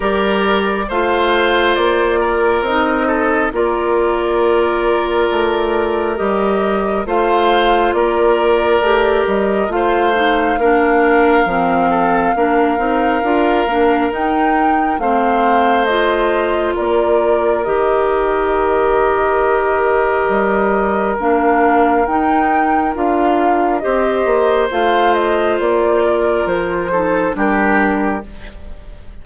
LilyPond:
<<
  \new Staff \with { instrumentName = "flute" } { \time 4/4 \tempo 4 = 68 d''4 f''4 d''4 dis''4 | d''2. dis''4 | f''4 d''4. dis''8 f''4~ | f''1 |
g''4 f''4 dis''4 d''4 | dis''1 | f''4 g''4 f''4 dis''4 | f''8 dis''8 d''4 c''4 ais'4 | }
  \new Staff \with { instrumentName = "oboe" } { \time 4/4 ais'4 c''4. ais'4 a'8 | ais'1 | c''4 ais'2 c''4 | ais'4. a'8 ais'2~ |
ais'4 c''2 ais'4~ | ais'1~ | ais'2. c''4~ | c''4. ais'4 a'8 g'4 | }
  \new Staff \with { instrumentName = "clarinet" } { \time 4/4 g'4 f'2 dis'4 | f'2. g'4 | f'2 g'4 f'8 dis'8 | d'4 c'4 d'8 dis'8 f'8 d'8 |
dis'4 c'4 f'2 | g'1 | d'4 dis'4 f'4 g'4 | f'2~ f'8 dis'8 d'4 | }
  \new Staff \with { instrumentName = "bassoon" } { \time 4/4 g4 a4 ais4 c'4 | ais2 a4 g4 | a4 ais4 a8 g8 a4 | ais4 f4 ais8 c'8 d'8 ais8 |
dis'4 a2 ais4 | dis2. g4 | ais4 dis'4 d'4 c'8 ais8 | a4 ais4 f4 g4 | }
>>